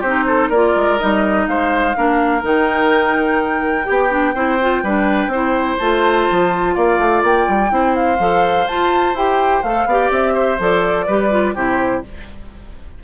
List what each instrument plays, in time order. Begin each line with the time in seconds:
0.00 bassoon C4, oboe G4, flute C5
0.07 clarinet D#4
0.27 oboe A4
0.49 bassoon A#3, clarinet F4, oboe A#4, flute D5
0.76 bassoon G#3
0.99 bassoon G3, clarinet D#4, flute D#5
1.48 bassoon G#3, oboe C5, flute F5
1.96 bassoon A#3, clarinet D4, oboe A#4
2.42 bassoon D#3, clarinet D#4, flute G5
3.84 bassoon B3, clarinet G4, oboe G4
4.10 clarinet D4
4.35 bassoon C4, clarinet E4, oboe C5
4.61 clarinet F4
4.83 bassoon G3, clarinet D4, oboe B4
5.27 bassoon C4, clarinet E4, oboe C5
5.79 bassoon A3, clarinet F4, flute A5
6.31 bassoon F3
6.74 bassoon A#3, oboe D5, flute F5
6.99 bassoon A3
7.23 bassoon A#3, flute G5
7.48 bassoon G3
7.70 bassoon C4, clarinet E4, oboe C5
7.95 flute F5
8.19 bassoon F3, clarinet A4
8.68 clarinet F4, bassoon F4, flute A5
9.14 bassoon E4, clarinet G4, flute G5
9.63 bassoon A3, clarinet A4, flute F5
9.86 bassoon B3, clarinet G4, oboe D5
10.11 bassoon C4, flute E5
10.34 oboe C5
10.59 bassoon F3, clarinet A4, flute D5
11.07 bassoon G3, clarinet G4, oboe B4
11.31 clarinet F4
11.55 bassoon C3, clarinet E4, oboe G4, flute C5